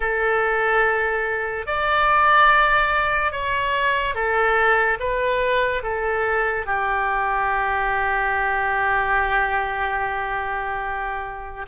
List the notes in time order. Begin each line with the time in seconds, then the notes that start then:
0.00 A4
1.66 D5
3.31 C#5
4.14 A4
4.99 B4
5.83 A4
6.66 G4